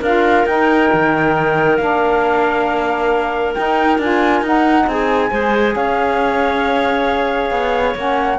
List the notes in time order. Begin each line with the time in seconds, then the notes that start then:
0.00 D4 F4 A#4 F5
0.46 D#4 G5
0.93 D#3
1.76 A#3 D4 F5
3.54 D#4 G5
3.98 D4 F4 G#5
4.41 D#4 F#5
4.86 C4 G#4 G#5
5.30 G#3 G#4 C5
5.75 C#4 C#5 F5
7.50 B3
7.95 A#3 C#4 F#5